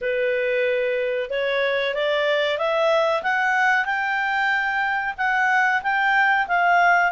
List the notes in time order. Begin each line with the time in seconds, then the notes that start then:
0.01 B4
1.29 C#5
1.94 D5
2.57 E5
3.23 F#5
3.85 G5
5.17 F#5
5.82 G5
6.47 F5